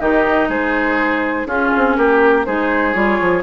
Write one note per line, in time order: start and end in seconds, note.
0.00 0.48 D#3
0.00 1.48 D#4
0.00 0.49 G4
0.00 0.49 D#5
0.48 1.46 G#3
0.48 1.47 G#4
0.48 1.47 C5
1.46 1.70 C#4
1.46 2.46 C#4
1.46 1.97 F4
1.46 1.96 G#4
1.77 1.98 C4
1.96 2.47 A#3
1.96 2.46 G4
1.96 2.45 A#4
2.45 2.95 G#3
2.45 2.93 D#4
2.45 3.43 G#4
2.45 2.94 C5
2.93 3.19 G3
2.93 3.43 F4
2.93 3.43 C#5
3.21 3.43 F3